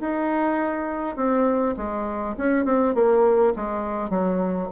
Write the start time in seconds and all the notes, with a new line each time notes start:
0.00 D#4
1.16 C4
1.76 G#3
2.37 C#4
2.65 C4
2.95 A#3
3.56 G#3
4.10 F#3